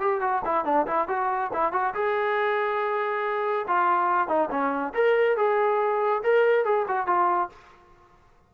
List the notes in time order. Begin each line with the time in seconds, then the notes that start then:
0.00 G4
0.21 F#4
0.45 E4
0.65 D4
0.87 E4
1.08 F#4
1.53 E4
1.72 F#4
1.95 G#4
3.67 F4
4.28 D#4
4.50 C#4
4.94 A#4
5.37 G#4
6.23 A#4
6.65 G#4
6.88 F#4
7.07 F4